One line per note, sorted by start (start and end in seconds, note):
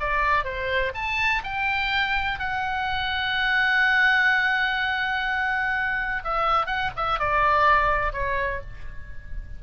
0.00 0.44 D5
0.44 0.92 C5
0.94 1.42 A5
1.43 2.39 G5
2.39 6.23 F#5
6.24 6.66 E5
6.66 6.90 F#5
6.96 7.19 E5
7.19 8.13 D5
8.13 8.61 C#5